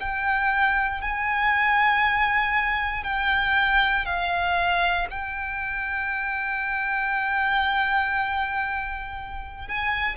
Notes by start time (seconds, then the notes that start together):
0.00 G5
1.01 G#5
3.04 G5
4.05 F5
5.10 G5
9.68 G#5